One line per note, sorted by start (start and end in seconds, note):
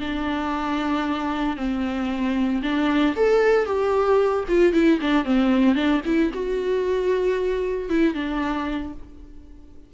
0.00 1.56 D4
1.56 2.62 C4
2.62 3.15 D4
3.16 3.65 A4
3.65 4.44 G4
4.48 4.73 F4
4.73 4.99 E4
5.01 5.25 D4
5.25 5.75 C4
5.75 6.01 D4
6.05 6.32 E4
6.33 7.89 F#4
7.89 8.14 E4
8.14 8.93 D4